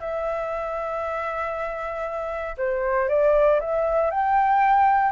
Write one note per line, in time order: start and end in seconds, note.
0.00 2.56 E5
2.58 3.09 C5
3.09 3.60 D5
3.61 4.11 E5
4.11 5.12 G5